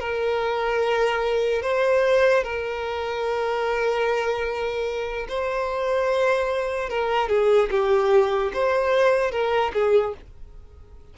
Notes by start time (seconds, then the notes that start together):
0.00 A#4
1.62 C5
2.43 A#4
5.29 C5
6.90 A#4
7.29 G#4
7.71 G4
8.53 C5
9.31 A#4
9.73 G#4